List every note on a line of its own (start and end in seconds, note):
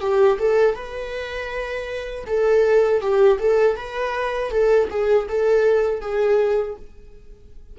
0.00 0.38 G4
0.39 0.75 A4
0.75 2.25 B4
2.26 3.01 A4
3.01 3.38 G4
3.39 3.76 A4
3.76 4.51 B4
4.51 4.88 A4
4.90 5.27 G#4
5.28 6.01 A4
6.01 6.76 G#4